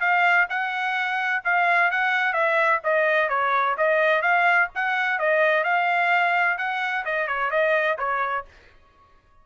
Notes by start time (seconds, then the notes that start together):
0.00 F5
0.49 F#5
1.44 F5
1.91 F#5
2.33 E5
2.83 D#5
3.29 C#5
3.77 D#5
4.21 F5
4.75 F#5
5.18 D#5
5.64 F5
6.58 F#5
7.05 D#5
7.27 C#5
7.50 D#5
7.98 C#5